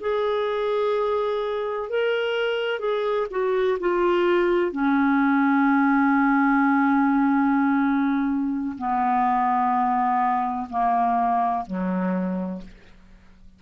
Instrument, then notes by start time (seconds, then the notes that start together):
clarinet
0.00 G#4
1.89 A#4
2.79 G#4
3.30 F#4
3.80 F4
4.71 C#4
8.78 B3
10.70 A#3
11.66 F#3